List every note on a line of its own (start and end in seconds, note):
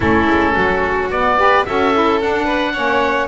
0.00 0.28 A3
0.00 1.10 C#4
0.00 0.54 E4
0.00 1.09 A4
0.28 0.55 G#3
0.54 1.09 F#3
0.54 1.36 F#4
1.09 1.64 B3
1.09 1.38 B3
1.09 1.65 D5
1.38 1.65 G4
1.38 1.66 B4
1.65 2.22 C#4
1.65 1.93 F#4
1.65 2.44 A4
1.65 2.20 E5
1.93 2.20 E4
2.21 2.75 D4
2.21 2.77 D4
2.21 3.28 F#5
2.44 2.72 B4
2.73 3.28 A#3
2.73 3.28 C#4
2.73 3.28 C#5